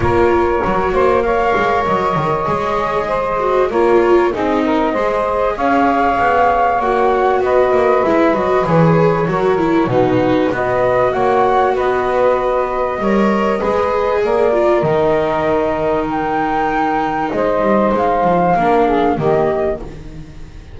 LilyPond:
<<
  \new Staff \with { instrumentName = "flute" } { \time 4/4 \tempo 4 = 97 cis''2 f''4 dis''4~ | dis''2 cis''4 dis''4~ | dis''4 f''2 fis''4 | dis''4 e''8 dis''8 cis''2 |
b'4 dis''4 fis''4 dis''4~ | dis''2. d''4 | dis''2 g''2 | dis''4 f''2 dis''4 | }
  \new Staff \with { instrumentName = "saxophone" } { \time 4/4 ais'4. c''8 cis''2~ | cis''4 c''4 ais'4 gis'8 ais'8 | c''4 cis''2. | b'2. ais'4 |
fis'4 b'4 cis''4 b'4~ | b'4 cis''4 b'4 ais'4~ | ais'1 | c''2 ais'8 gis'8 g'4 | }
  \new Staff \with { instrumentName = "viola" } { \time 4/4 f'4 fis'4 ais'2 | gis'4. fis'8 f'4 dis'4 | gis'2. fis'4~ | fis'4 e'8 fis'8 gis'4 fis'8 e'8 |
dis'4 fis'2.~ | fis'4 ais'4 gis'4. f'8 | dis'1~ | dis'2 d'4 ais4 | }
  \new Staff \with { instrumentName = "double bass" } { \time 4/4 ais4 fis8 ais4 gis8 fis8 dis8 | gis2 ais4 c'4 | gis4 cis'4 b4 ais4 | b8 ais8 gis8 fis8 e4 fis4 |
b,4 b4 ais4 b4~ | b4 g4 gis4 ais4 | dis1 | gis8 g8 gis8 f8 ais4 dis4 | }
>>